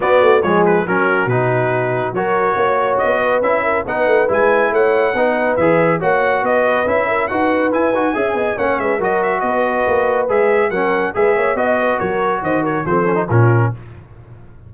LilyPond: <<
  \new Staff \with { instrumentName = "trumpet" } { \time 4/4 \tempo 4 = 140 d''4 cis''8 b'8 ais'4 b'4~ | b'4 cis''2 dis''4 | e''4 fis''4 gis''4 fis''4~ | fis''4 e''4 fis''4 dis''4 |
e''4 fis''4 gis''2 | fis''8 e''8 dis''8 e''8 dis''2 | e''4 fis''4 e''4 dis''4 | cis''4 dis''8 cis''8 c''4 ais'4 | }
  \new Staff \with { instrumentName = "horn" } { \time 4/4 fis'4 gis'4 fis'2~ | fis'4 ais'4 cis''4. b'8~ | b'8 ais'8 b'2 cis''4 | b'2 cis''4 b'4~ |
b'8 ais'8 b'2 e''8 dis''8 | cis''8 b'8 ais'4 b'2~ | b'4 ais'4 b'8 cis''8 dis''8 b'8 | ais'4 c''8 ais'8 a'4 f'4 | }
  \new Staff \with { instrumentName = "trombone" } { \time 4/4 b4 gis4 cis'4 dis'4~ | dis'4 fis'2. | e'4 dis'4 e'2 | dis'4 gis'4 fis'2 |
e'4 fis'4 e'8 fis'8 gis'4 | cis'4 fis'2. | gis'4 cis'4 gis'4 fis'4~ | fis'2 c'8 cis'16 dis'16 cis'4 | }
  \new Staff \with { instrumentName = "tuba" } { \time 4/4 b8 a8 f4 fis4 b,4~ | b,4 fis4 ais4 b4 | cis'4 b8 a8 gis4 a4 | b4 e4 ais4 b4 |
cis'4 dis'4 e'8 dis'8 cis'8 b8 | ais8 gis8 fis4 b4 ais4 | gis4 fis4 gis8 ais8 b4 | fis4 dis4 f4 ais,4 | }
>>